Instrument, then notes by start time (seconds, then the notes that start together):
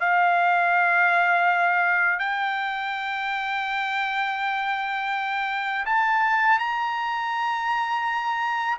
trumpet
0.00 F5
2.19 G5
5.85 A5
6.59 A#5